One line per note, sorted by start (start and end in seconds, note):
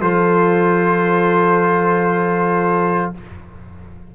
0.00 3.12 F3
0.00 3.14 F4
0.00 3.15 A4
0.00 3.14 C5